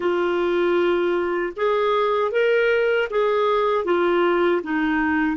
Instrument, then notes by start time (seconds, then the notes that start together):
clarinet
0.00 F4
1.56 G#4
2.31 A#4
3.10 G#4
3.85 F4
4.63 D#4